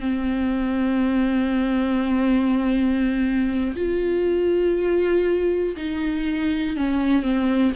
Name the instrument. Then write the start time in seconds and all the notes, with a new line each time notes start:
viola
0.00 C4
3.75 F4
5.76 D#4
6.76 C#4
7.23 C4